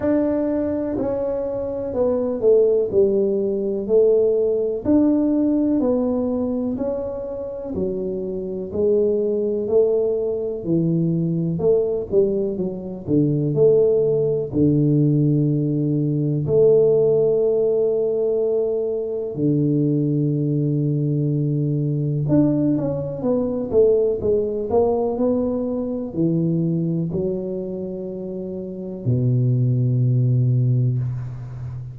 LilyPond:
\new Staff \with { instrumentName = "tuba" } { \time 4/4 \tempo 4 = 62 d'4 cis'4 b8 a8 g4 | a4 d'4 b4 cis'4 | fis4 gis4 a4 e4 | a8 g8 fis8 d8 a4 d4~ |
d4 a2. | d2. d'8 cis'8 | b8 a8 gis8 ais8 b4 e4 | fis2 b,2 | }